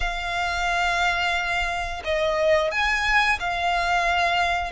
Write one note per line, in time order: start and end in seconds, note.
0.00 2.02 F5
2.04 2.71 D#5
2.71 3.38 G#5
3.39 4.71 F5